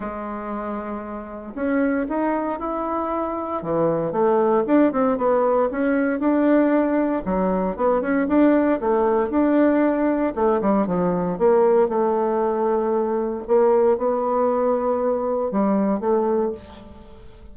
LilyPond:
\new Staff \with { instrumentName = "bassoon" } { \time 4/4 \tempo 4 = 116 gis2. cis'4 | dis'4 e'2 e4 | a4 d'8 c'8 b4 cis'4 | d'2 fis4 b8 cis'8 |
d'4 a4 d'2 | a8 g8 f4 ais4 a4~ | a2 ais4 b4~ | b2 g4 a4 | }